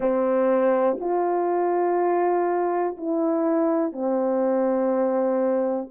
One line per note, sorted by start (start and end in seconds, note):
0.00 0.97 C4
1.00 2.96 F4
2.97 3.92 E4
3.92 5.89 C4